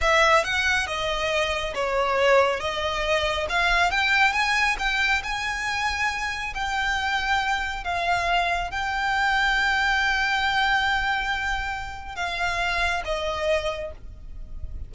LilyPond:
\new Staff \with { instrumentName = "violin" } { \time 4/4 \tempo 4 = 138 e''4 fis''4 dis''2 | cis''2 dis''2 | f''4 g''4 gis''4 g''4 | gis''2. g''4~ |
g''2 f''2 | g''1~ | g''1 | f''2 dis''2 | }